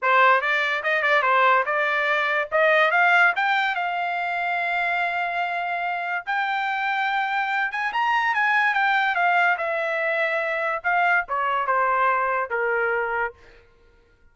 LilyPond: \new Staff \with { instrumentName = "trumpet" } { \time 4/4 \tempo 4 = 144 c''4 d''4 dis''8 d''8 c''4 | d''2 dis''4 f''4 | g''4 f''2.~ | f''2. g''4~ |
g''2~ g''8 gis''8 ais''4 | gis''4 g''4 f''4 e''4~ | e''2 f''4 cis''4 | c''2 ais'2 | }